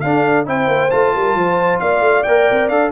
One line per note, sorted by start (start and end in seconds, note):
0.00 0.47 D4
0.00 0.46 D4
0.00 0.48 A4
0.00 0.44 F5
0.46 0.68 C4
0.46 0.90 E4
0.46 1.15 C5
0.46 0.91 G5
0.68 0.90 A#3
0.91 1.15 A3
0.91 2.25 F4
0.91 1.80 A5
1.15 1.35 G3
1.15 1.37 A#4
1.35 1.80 F3
1.35 1.82 C5
1.80 2.01 A#3
1.80 2.92 D5
1.80 2.24 F5
2.01 2.23 A3
2.24 2.50 A#3
2.24 2.71 A#4
2.24 2.68 G5
2.51 2.69 C4
2.69 2.91 D4
2.69 2.92 A4
2.69 2.91 F5